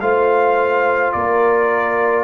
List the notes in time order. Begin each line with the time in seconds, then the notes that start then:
0.00 A3 F4 C5 F5
1.12 A#3 A#4 D5